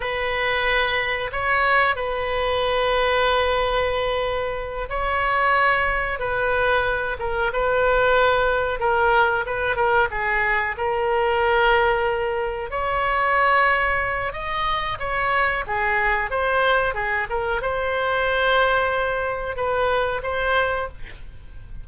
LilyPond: \new Staff \with { instrumentName = "oboe" } { \time 4/4 \tempo 4 = 92 b'2 cis''4 b'4~ | b'2.~ b'8 cis''8~ | cis''4. b'4. ais'8 b'8~ | b'4. ais'4 b'8 ais'8 gis'8~ |
gis'8 ais'2. cis''8~ | cis''2 dis''4 cis''4 | gis'4 c''4 gis'8 ais'8 c''4~ | c''2 b'4 c''4 | }